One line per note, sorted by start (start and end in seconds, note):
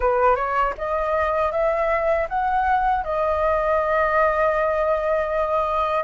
0.00 0.35 B4
0.35 0.73 C#5
0.77 1.51 D#5
1.51 2.27 E5
2.29 3.04 F#5
3.04 6.04 D#5